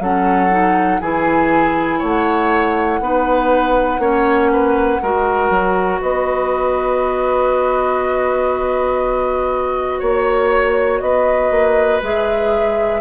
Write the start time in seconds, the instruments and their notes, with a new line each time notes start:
0.00 bassoon F#3, clarinet C#4, oboe A4, flute F#5
0.50 clarinet D#4
1.01 bassoon E3, clarinet E4, oboe G#4, flute G#5
1.99 bassoon A3, oboe C#5, flute F#5
3.00 bassoon B3, clarinet D#4, oboe B4
3.99 bassoon A#3, clarinet C#4, oboe C#5
4.52 oboe B4
5.02 bassoon G#3, clarinet F#4, oboe A#4
5.50 bassoon F#3
6.01 bassoon B3, oboe B4, flute D#5
9.99 bassoon A#3, oboe C#5
10.06 flute C#5
11.01 bassoon B3, oboe B4, flute D#5
11.51 bassoon A#3
12.02 bassoon G#3, clarinet G#4, flute E5